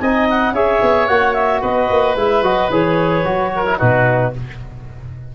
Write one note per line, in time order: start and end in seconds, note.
0.00 0.52 C4
0.00 0.55 D#4
0.00 0.54 D#5
0.00 0.27 G#5
0.30 0.54 F#5
0.52 0.79 C#4
0.52 1.09 G#4
0.52 1.61 C#5
0.52 1.07 E5
0.82 1.08 B3
1.07 1.62 A#3
1.07 2.16 F#4
1.07 1.34 F#5
1.34 1.61 E5
1.61 1.89 B3
1.61 3.50 B4
1.61 2.16 D#5
1.90 2.15 A#3
2.15 2.42 G#3
2.15 2.43 E4
2.15 2.43 E5
2.42 2.69 F#3
2.42 2.70 F#4
2.42 2.70 D#5
2.70 3.24 E3
2.70 3.25 G#4
2.70 3.79 C#5
3.24 3.78 F#3
3.24 3.65 F#4
3.56 3.78 A#4
3.66 3.79 E4
3.78 4.35 B2
3.78 4.33 D#4
3.78 4.32 F#4
3.78 4.33 B4